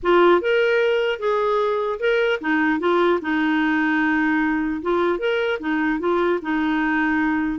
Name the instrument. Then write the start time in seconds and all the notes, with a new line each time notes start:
clarinet
0.02 F4
0.41 A#4
1.19 G#4
1.99 A#4
2.40 D#4
2.79 F4
3.21 D#4
4.81 F4
5.18 A#4
5.59 D#4
5.99 F4
6.42 D#4